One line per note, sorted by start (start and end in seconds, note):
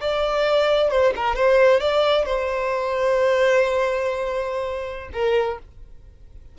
0.00 0.91 D5
0.91 1.13 C5
1.16 1.35 A#4
1.35 1.80 C5
1.80 2.25 D5
2.25 5.10 C5
5.13 5.58 A#4